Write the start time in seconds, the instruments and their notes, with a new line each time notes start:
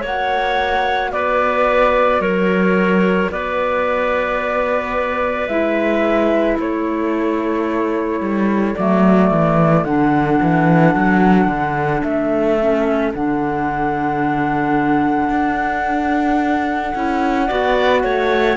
0.00 cello A#3, clarinet F#4 C#5, flute F#5
1.12 cello B3, clarinet B4, flute D5
2.19 cello F#3, clarinet A#4, flute C#5
3.30 cello B3, clarinet B4, flute D5
5.47 cello G#3, clarinet E4, flute E5
6.57 cello A3, clarinet A4, flute C#5
8.20 cello G3
8.75 cello F#3, clarinet A3, flute D5
9.31 cello E3
9.84 cello D3, clarinet D4, flute F#5
10.41 cello E3
10.95 cello F#3
11.47 cello D3
12.02 cello A3, flute E5
12.59 clarinet C#4
13.14 cello D3, clarinet D4, flute F#5
15.29 cello D4
16.94 cello C#4, clarinet E4
17.46 cello B3, clarinet F#4 D5
18.03 cello A3, clarinet C#5